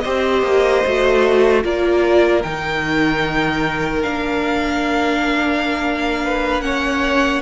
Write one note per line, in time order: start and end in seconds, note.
0.00 0.85 G4
0.00 1.64 C5
0.00 1.60 D#5
0.06 0.42 C4
0.42 0.82 A#3
0.86 1.64 A3
0.86 1.63 F#4
1.63 2.44 A#3
1.63 2.43 F4
1.63 6.24 A#4
1.63 2.43 D5
2.43 4.05 D#3
2.43 4.02 D#4
2.43 4.03 G5
4.02 7.42 A#3
4.02 6.62 D4
4.02 6.61 F5
6.25 6.65 B4
6.61 7.42 C#4
6.61 7.42 C#5
6.61 7.41 F#5